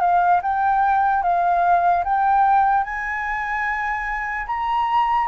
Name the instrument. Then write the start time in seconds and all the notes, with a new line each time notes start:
flute
0.00 F5
0.42 G5
1.22 F5
2.04 G5
2.83 G#5
4.46 A#5